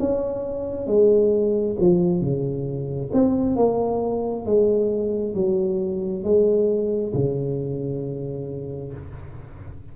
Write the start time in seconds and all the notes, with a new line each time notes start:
0.00 C#4
0.87 G#3
1.80 F3
2.21 C#3
3.13 C4
3.56 A#3
4.46 G#3
5.35 F#3
6.24 G#3
7.14 C#3